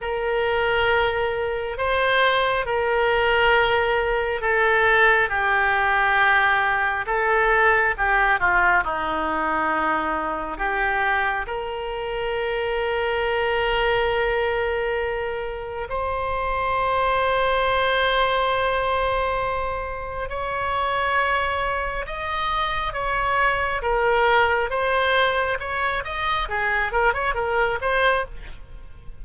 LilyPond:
\new Staff \with { instrumentName = "oboe" } { \time 4/4 \tempo 4 = 68 ais'2 c''4 ais'4~ | ais'4 a'4 g'2 | a'4 g'8 f'8 dis'2 | g'4 ais'2.~ |
ais'2 c''2~ | c''2. cis''4~ | cis''4 dis''4 cis''4 ais'4 | c''4 cis''8 dis''8 gis'8 ais'16 cis''16 ais'8 c''8 | }